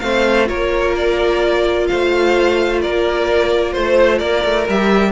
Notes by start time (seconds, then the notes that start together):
0.00 A3 C4 C5 F5
0.46 A#3 F4 A#4 C#5
0.97 D5
1.87 A3 C5 F5
2.82 A#3 A#4 D5
3.73 A3 C5
4.18 A#3 A#4 D5
4.45 A3
4.69 G3 G4 E5